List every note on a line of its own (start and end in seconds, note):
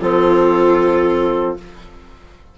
0.00 1.57 F3
0.00 1.58 C4
0.00 1.57 F4
0.00 1.57 A4